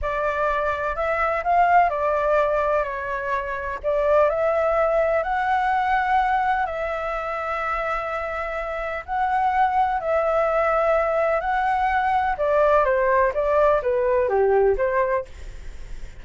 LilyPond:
\new Staff \with { instrumentName = "flute" } { \time 4/4 \tempo 4 = 126 d''2 e''4 f''4 | d''2 cis''2 | d''4 e''2 fis''4~ | fis''2 e''2~ |
e''2. fis''4~ | fis''4 e''2. | fis''2 d''4 c''4 | d''4 b'4 g'4 c''4 | }